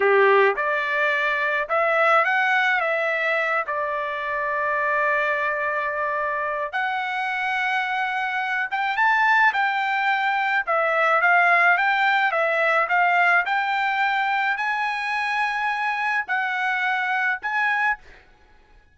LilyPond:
\new Staff \with { instrumentName = "trumpet" } { \time 4/4 \tempo 4 = 107 g'4 d''2 e''4 | fis''4 e''4. d''4.~ | d''1 | fis''2.~ fis''8 g''8 |
a''4 g''2 e''4 | f''4 g''4 e''4 f''4 | g''2 gis''2~ | gis''4 fis''2 gis''4 | }